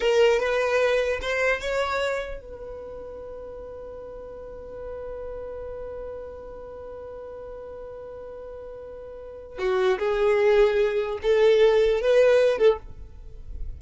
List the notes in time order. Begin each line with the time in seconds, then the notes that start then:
0.00 A#4
0.39 B4
1.21 C5
1.60 C#5
2.40 B4
9.58 F#4
9.98 G#4
11.22 A4
12.01 B4
12.57 A4